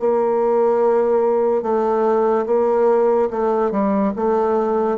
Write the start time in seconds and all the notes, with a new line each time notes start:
0.00 A#3
1.62 A3
2.46 A#3
3.31 A3
3.72 G3
4.16 A3